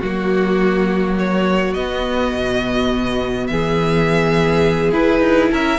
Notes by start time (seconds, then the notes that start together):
0.00 F#3 A#3 F#4
1.19 C#5
1.74 B3 D#5
2.34 B2
3.47 E3 G#4 E5
4.91 E4 B4
5.20 D#4
5.52 C#4 A#4 E5